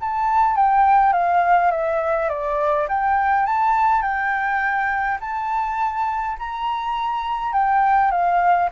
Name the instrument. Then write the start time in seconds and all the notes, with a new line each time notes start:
flute
0.00 A5
0.56 G5
1.13 F5
1.71 E5
2.29 D5
2.88 G5
3.46 A5
4.01 G5
5.20 A5
6.38 A#5
7.53 G5
8.11 F5